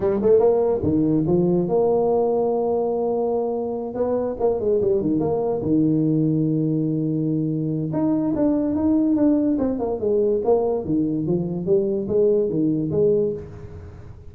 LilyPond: \new Staff \with { instrumentName = "tuba" } { \time 4/4 \tempo 4 = 144 g8 a8 ais4 dis4 f4 | ais1~ | ais4. b4 ais8 gis8 g8 | dis8 ais4 dis2~ dis8~ |
dis2. dis'4 | d'4 dis'4 d'4 c'8 ais8 | gis4 ais4 dis4 f4 | g4 gis4 dis4 gis4 | }